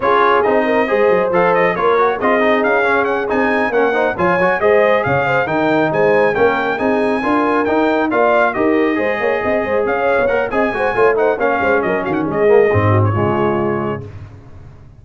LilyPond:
<<
  \new Staff \with { instrumentName = "trumpet" } { \time 4/4 \tempo 4 = 137 cis''4 dis''2 f''8 dis''8 | cis''4 dis''4 f''4 fis''8 gis''8~ | gis''8 fis''4 gis''4 dis''4 f''8~ | f''8 g''4 gis''4 g''4 gis''8~ |
gis''4. g''4 f''4 dis''8~ | dis''2~ dis''8 f''4 fis''8 | gis''4. fis''8 f''4 dis''8 f''16 fis''16 | dis''4.~ dis''16 cis''2~ cis''16 | }
  \new Staff \with { instrumentName = "horn" } { \time 4/4 gis'4. ais'8 c''2 | ais'4 gis'2.~ | gis'8 ais'8 c''8 cis''4 c''4 cis''8 | c''8 ais'4 c''4 ais'4 gis'8~ |
gis'8 ais'2 d''4 ais'8~ | ais'8 c''8 cis''8 dis''8 c''8 cis''4. | dis''8 c''8 cis''8 c''8 cis''8 c''8 ais'8 fis'8 | gis'4. fis'8 f'2 | }
  \new Staff \with { instrumentName = "trombone" } { \time 4/4 f'4 dis'4 gis'4 a'4 | f'8 fis'8 f'8 dis'4 cis'4 dis'8~ | dis'8 cis'8 dis'8 f'8 fis'8 gis'4.~ | gis'8 dis'2 cis'4 dis'8~ |
dis'8 f'4 dis'4 f'4 g'8~ | g'8 gis'2. ais'8 | gis'8 fis'8 f'8 dis'8 cis'2~ | cis'8 ais8 c'4 gis2 | }
  \new Staff \with { instrumentName = "tuba" } { \time 4/4 cis'4 c'4 gis8 fis8 f4 | ais4 c'4 cis'4. c'8~ | c'8 ais4 f8 fis8 gis4 cis8~ | cis8 dis4 gis4 ais4 c'8~ |
c'8 d'4 dis'4 ais4 dis'8~ | dis'8 gis8 ais8 c'8 gis8 cis'8. b16 ais8 | c'8 gis8 a4 ais8 gis8 fis8 dis8 | gis4 gis,4 cis2 | }
>>